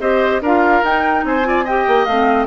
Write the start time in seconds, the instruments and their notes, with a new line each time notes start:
0.00 bassoon C4, clarinet G4, oboe C5, flute D#5
0.41 bassoon D4, clarinet F4, oboe A#4, flute F5
0.84 bassoon D#4, clarinet D#4, flute G5
1.24 bassoon C4, oboe C5, flute G#5
1.44 clarinet F4, oboe D5
1.65 clarinet G4, oboe D#5, flute G5
1.88 bassoon A#3
2.06 bassoon A3, clarinet C4, flute F5